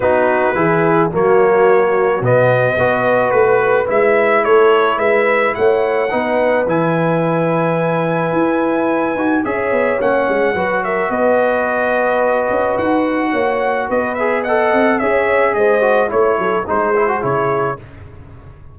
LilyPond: <<
  \new Staff \with { instrumentName = "trumpet" } { \time 4/4 \tempo 4 = 108 b'2 cis''2 | dis''2 b'4 e''4 | cis''4 e''4 fis''2 | gis''1~ |
gis''4 e''4 fis''4. e''8 | dis''2. fis''4~ | fis''4 dis''8 e''8 fis''4 e''4 | dis''4 cis''4 c''4 cis''4 | }
  \new Staff \with { instrumentName = "horn" } { \time 4/4 fis'4 gis'4 fis'2~ | fis'4 b'2. | a'4 b'4 cis''4 b'4~ | b'1~ |
b'4 cis''2 b'8 ais'8 | b'1 | cis''4 b'4 dis''4 cis''4 | c''4 cis''8 a'8 gis'2 | }
  \new Staff \with { instrumentName = "trombone" } { \time 4/4 dis'4 e'4 ais2 | b4 fis'2 e'4~ | e'2. dis'4 | e'1~ |
e'8 fis'8 gis'4 cis'4 fis'4~ | fis'1~ | fis'4. gis'8 a'4 gis'4~ | gis'8 fis'8 e'4 dis'8 e'16 fis'16 e'4 | }
  \new Staff \with { instrumentName = "tuba" } { \time 4/4 b4 e4 fis2 | b,4 b4 a4 gis4 | a4 gis4 a4 b4 | e2. e'4~ |
e'8 dis'8 cis'8 b8 ais8 gis8 fis4 | b2~ b8 cis'8 dis'4 | ais4 b4. c'8 cis'4 | gis4 a8 fis8 gis4 cis4 | }
>>